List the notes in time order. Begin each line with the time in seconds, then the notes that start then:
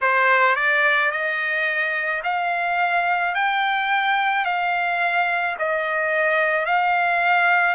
0.01 C5
0.56 D5
1.11 D#5
2.23 F5
3.34 G5
4.45 F5
5.58 D#5
6.65 F5